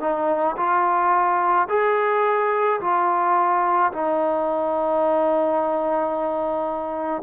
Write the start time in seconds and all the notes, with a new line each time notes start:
0.00 D#4
0.57 F4
1.69 G#4
2.80 F4
3.92 D#4